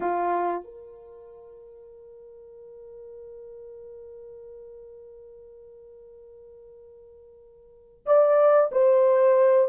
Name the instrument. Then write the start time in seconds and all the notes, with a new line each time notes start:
horn
0.00 F4
0.63 A#4
8.06 D5
8.71 C5